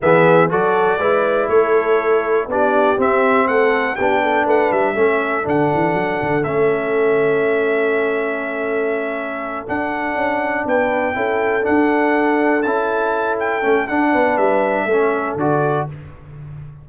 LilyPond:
<<
  \new Staff \with { instrumentName = "trumpet" } { \time 4/4 \tempo 4 = 121 e''4 d''2 cis''4~ | cis''4 d''4 e''4 fis''4 | g''4 fis''8 e''4. fis''4~ | fis''4 e''2.~ |
e''2.~ e''8 fis''8~ | fis''4. g''2 fis''8~ | fis''4. a''4. g''4 | fis''4 e''2 d''4 | }
  \new Staff \with { instrumentName = "horn" } { \time 4/4 gis'4 a'4 b'4 a'4~ | a'4 g'2 a'4 | g'8 a'8 b'4 a'2~ | a'1~ |
a'1~ | a'4. b'4 a'4.~ | a'1~ | a'8 b'4. a'2 | }
  \new Staff \with { instrumentName = "trombone" } { \time 4/4 b4 fis'4 e'2~ | e'4 d'4 c'2 | d'2 cis'4 d'4~ | d'4 cis'2.~ |
cis'2.~ cis'8 d'8~ | d'2~ d'8 e'4 d'8~ | d'4. e'2 cis'8 | d'2 cis'4 fis'4 | }
  \new Staff \with { instrumentName = "tuba" } { \time 4/4 e4 fis4 gis4 a4~ | a4 b4 c'4 a4 | b4 a8 g8 a4 d8 e8 | fis8 d8 a2.~ |
a2.~ a8 d'8~ | d'8 cis'4 b4 cis'4 d'8~ | d'4. cis'2 a8 | d'8 b8 g4 a4 d4 | }
>>